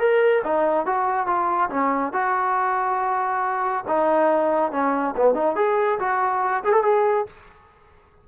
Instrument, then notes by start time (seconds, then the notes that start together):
trombone
0.00 A#4
0.44 D#4
0.86 F#4
1.27 F4
1.70 C#4
2.13 F#4
3.88 D#4
4.72 C#4
5.17 B3
5.35 D#4
5.56 G#4
5.99 F#4
6.64 G#4
6.73 A4
6.84 G#4